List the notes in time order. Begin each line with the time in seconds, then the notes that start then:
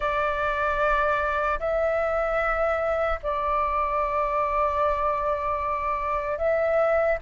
0.00 D5
1.59 E5
3.23 D5
6.38 E5